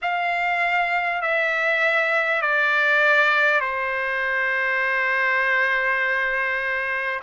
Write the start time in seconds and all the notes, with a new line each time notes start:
0.02 F5
1.21 E5
2.41 D5
3.60 C5